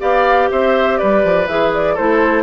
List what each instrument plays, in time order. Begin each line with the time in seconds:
0.00 bassoon B3, clarinet G4, oboe D5, flute F5
0.51 bassoon C4, oboe C5, flute E5
0.98 bassoon G3, oboe B4, flute D5
1.24 bassoon F3
1.47 bassoon E3, clarinet G#4, flute E5
1.74 flute D5
1.94 bassoon A3, clarinet E4, oboe A4, flute C5